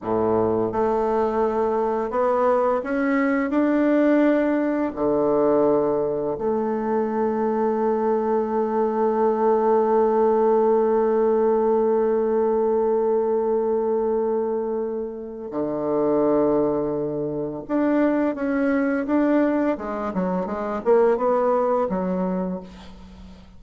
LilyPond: \new Staff \with { instrumentName = "bassoon" } { \time 4/4 \tempo 4 = 85 a,4 a2 b4 | cis'4 d'2 d4~ | d4 a2.~ | a1~ |
a1~ | a2 d2~ | d4 d'4 cis'4 d'4 | gis8 fis8 gis8 ais8 b4 fis4 | }